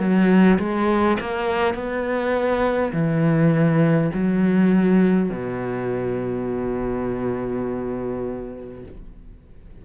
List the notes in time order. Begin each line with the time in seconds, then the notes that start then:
0.00 F#3
0.59 G#3
1.20 A#3
1.75 B3
2.93 E3
4.14 F#3
5.30 B2